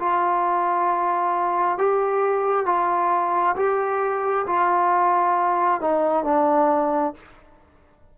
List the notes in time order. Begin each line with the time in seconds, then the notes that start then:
0.00 F4
1.79 G4
2.66 F4
3.57 G4
4.47 F4
5.82 D#4
6.25 D4